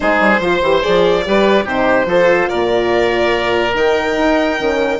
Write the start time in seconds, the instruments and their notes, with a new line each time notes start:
0.00 bassoon G#3, horn D#4, oboe G#4, violin C5
0.20 bassoon G3
0.39 bassoon F3, horn F4, oboe C5
0.61 bassoon E3, horn G4
0.82 bassoon F3, horn G#4, violin D5
1.24 bassoon G3, horn G4, oboe B4
1.64 bassoon C3, horn D#4, oboe G4, violin C5
2.05 bassoon F3, horn F4, oboe A4
2.49 bassoon A#2, oboe A#4, violin D5
3.74 bassoon D#3, horn D#4, violin G5
4.17 bassoon D#4
4.57 bassoon D#3, horn C#4